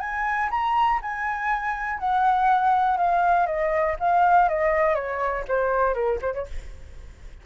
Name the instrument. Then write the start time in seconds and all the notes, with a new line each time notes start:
flute
0.00 G#5
0.50 A#5
1.02 G#5
1.99 F#5
2.97 F5
3.46 D#5
4.00 F5
4.49 D#5
4.95 C#5
5.48 C5
5.94 A#4
6.21 C5
6.34 C#5